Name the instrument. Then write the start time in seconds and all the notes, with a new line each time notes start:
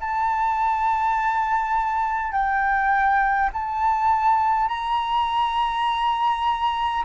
flute
0.00 A5
2.32 G5
3.53 A5
4.68 A#5